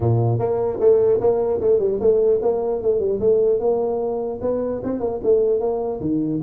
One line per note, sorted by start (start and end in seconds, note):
0.00 0.38 A#2
0.39 0.79 A#3
0.79 1.19 A3
1.20 1.60 A#3
1.61 1.79 A3
1.79 1.99 G3
2.00 2.40 A3
2.42 2.81 A#3
2.81 2.99 A3
2.99 3.19 G3
3.20 3.59 A3
3.59 4.39 A#3
4.41 4.81 B3
4.83 5.00 C4
5.00 5.20 A#3
5.23 5.59 A3
5.59 5.99 A#3
6.00 6.40 D#3